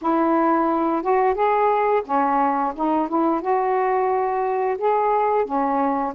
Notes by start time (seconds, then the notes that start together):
0.01 E4
1.02 F#4
1.34 G#4
2.05 C#4
2.75 D#4
3.08 E4
3.41 F#4
4.77 G#4
5.45 C#4